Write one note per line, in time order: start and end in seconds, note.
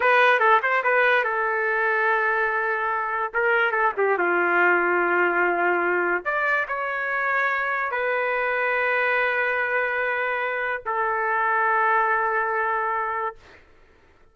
0.00 0.39 B4
0.39 0.60 A4
0.62 0.83 C5
0.83 1.24 B4
1.24 3.32 A4
3.33 3.71 A#4
3.71 3.92 A4
3.97 4.17 G4
4.18 6.24 F4
6.24 6.66 D5
6.67 7.91 C#5
7.91 10.82 B4
10.85 13.35 A4